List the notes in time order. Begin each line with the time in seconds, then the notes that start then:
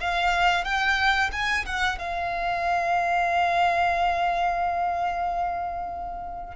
0.00 F5
0.64 G5
1.32 G#5
1.65 F#5
1.98 F5